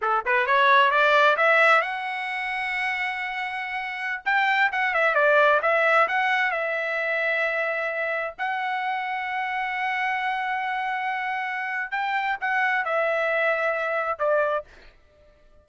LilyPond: \new Staff \with { instrumentName = "trumpet" } { \time 4/4 \tempo 4 = 131 a'8 b'8 cis''4 d''4 e''4 | fis''1~ | fis''4~ fis''16 g''4 fis''8 e''8 d''8.~ | d''16 e''4 fis''4 e''4.~ e''16~ |
e''2~ e''16 fis''4.~ fis''16~ | fis''1~ | fis''2 g''4 fis''4 | e''2. d''4 | }